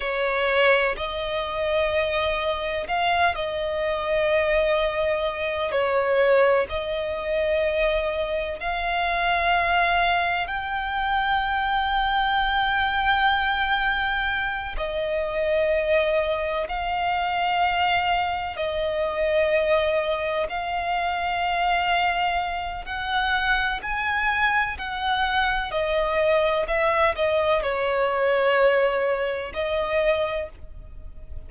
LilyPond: \new Staff \with { instrumentName = "violin" } { \time 4/4 \tempo 4 = 63 cis''4 dis''2 f''8 dis''8~ | dis''2 cis''4 dis''4~ | dis''4 f''2 g''4~ | g''2.~ g''8 dis''8~ |
dis''4. f''2 dis''8~ | dis''4. f''2~ f''8 | fis''4 gis''4 fis''4 dis''4 | e''8 dis''8 cis''2 dis''4 | }